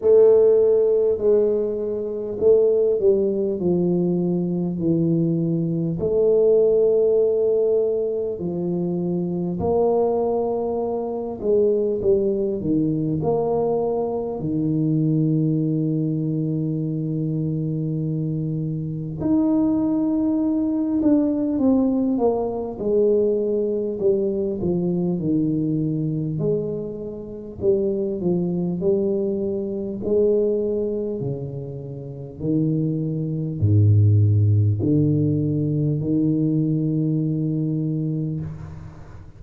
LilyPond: \new Staff \with { instrumentName = "tuba" } { \time 4/4 \tempo 4 = 50 a4 gis4 a8 g8 f4 | e4 a2 f4 | ais4. gis8 g8 dis8 ais4 | dis1 |
dis'4. d'8 c'8 ais8 gis4 | g8 f8 dis4 gis4 g8 f8 | g4 gis4 cis4 dis4 | gis,4 d4 dis2 | }